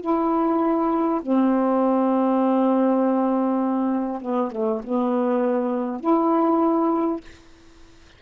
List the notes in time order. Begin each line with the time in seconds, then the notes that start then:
0.00 E4
1.22 C4
4.21 B3
4.51 A3
4.83 B3
6.00 E4